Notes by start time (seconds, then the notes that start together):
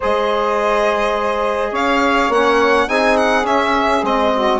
0.00 G#3 G#4 C5 D#5
1.71 C#4 C#5 F5
2.29 A#3 C#4 F#5
2.88 C4 D#4 G#4 G#5
3.16 F#5
3.43 C#4 E5
4.02 G#3 C4 D#5
4.34 F#4